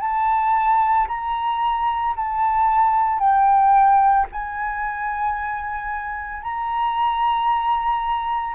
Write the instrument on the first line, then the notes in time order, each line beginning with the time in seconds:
flute
0.00 A5
1.08 A#5
2.16 A5
3.19 G5
4.32 G#5
6.42 A#5